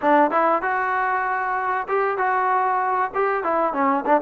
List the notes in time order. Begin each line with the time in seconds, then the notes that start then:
0.01 D4
0.30 E4
0.62 F#4
1.88 G4
2.17 F#4
3.14 G4
3.43 E4
3.73 C#4
4.05 D4